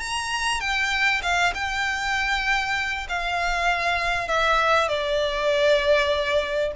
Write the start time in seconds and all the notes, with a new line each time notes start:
0.00 A#5
0.61 G5
1.23 F5
1.54 G5
3.09 F5
4.28 E5
4.89 D5